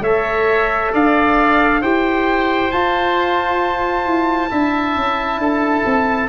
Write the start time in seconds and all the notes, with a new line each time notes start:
0.00 A3 A4 C#5 E5
0.92 D4 D5 F5
1.81 E4 G4 C5 G5
2.71 F4 A5
4.06 E4
4.50 D4 E4 E5
4.96 C#4
5.38 D4 A4
5.85 C4